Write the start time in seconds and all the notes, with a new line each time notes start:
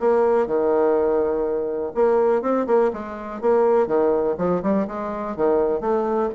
0.00 A#3
0.47 D#3
1.95 A#3
2.42 C4
2.67 A#3
2.94 G#3
3.41 A#3
3.87 D#3
4.38 F3
4.63 G3
4.88 G#3
5.37 D#3
5.81 A3